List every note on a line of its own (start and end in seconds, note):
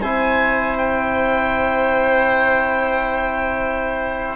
0.00 4.36 C4
0.00 4.36 E4
0.00 4.36 C5
0.00 0.78 G#5
0.78 4.36 G5